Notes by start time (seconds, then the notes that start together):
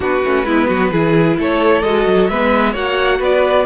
0.00 B3 D4 F#4 B4
0.24 A3 C#4
0.44 G#3 B3 E4
0.67 F#3 F#4
0.91 E3 E4 G#4
1.37 A3 A4 C#5
1.82 G#3 F#4 D#5
2.06 F#3
2.27 G#3 B3 B4 E5
2.72 A#3 F#4 C#5 F#5
3.18 B3 B4 D5